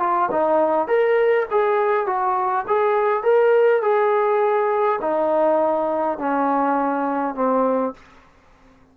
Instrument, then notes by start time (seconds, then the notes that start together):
trombone
0.00 F4
0.31 D#4
0.88 A#4
1.51 G#4
2.06 F#4
2.68 G#4
3.23 A#4
3.82 G#4
5.01 D#4
6.18 C#4
7.35 C4